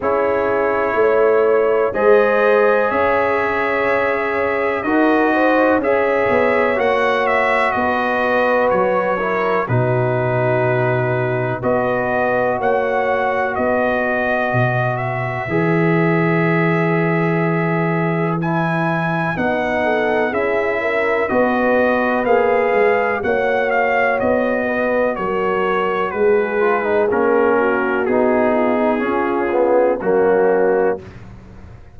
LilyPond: <<
  \new Staff \with { instrumentName = "trumpet" } { \time 4/4 \tempo 4 = 62 cis''2 dis''4 e''4~ | e''4 dis''4 e''4 fis''8 e''8 | dis''4 cis''4 b'2 | dis''4 fis''4 dis''4. e''8~ |
e''2. gis''4 | fis''4 e''4 dis''4 f''4 | fis''8 f''8 dis''4 cis''4 b'4 | ais'4 gis'2 fis'4 | }
  \new Staff \with { instrumentName = "horn" } { \time 4/4 gis'4 cis''4 c''4 cis''4~ | cis''4 ais'8 c''8 cis''2 | b'4. ais'8 fis'2 | b'4 cis''4 b'2~ |
b'1~ | b'8 a'8 gis'8 ais'8 b'2 | cis''4. b'8 ais'4 gis'4~ | gis'8 fis'4 f'16 dis'16 f'4 cis'4 | }
  \new Staff \with { instrumentName = "trombone" } { \time 4/4 e'2 gis'2~ | gis'4 fis'4 gis'4 fis'4~ | fis'4. e'8 dis'2 | fis'1 |
gis'2. e'4 | dis'4 e'4 fis'4 gis'4 | fis'2.~ fis'8 f'16 dis'16 | cis'4 dis'4 cis'8 b8 ais4 | }
  \new Staff \with { instrumentName = "tuba" } { \time 4/4 cis'4 a4 gis4 cis'4~ | cis'4 dis'4 cis'8 b8 ais4 | b4 fis4 b,2 | b4 ais4 b4 b,4 |
e1 | b4 cis'4 b4 ais8 gis8 | ais4 b4 fis4 gis4 | ais4 b4 cis'4 fis4 | }
>>